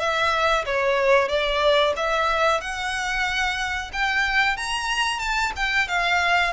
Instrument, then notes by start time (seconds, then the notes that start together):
violin
0.00 E5
0.66 C#5
1.29 D5
1.97 E5
2.61 F#5
3.93 G5
4.57 A#5
5.20 A5
5.56 G5
5.88 F5